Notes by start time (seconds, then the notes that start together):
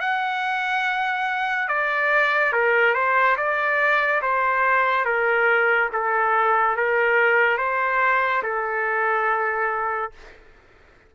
0.00 F#5
1.68 D5
2.52 A#4
2.94 C5
3.36 D5
4.21 C5
5.04 A#4
5.92 A4
6.76 A#4
7.57 C5
8.42 A4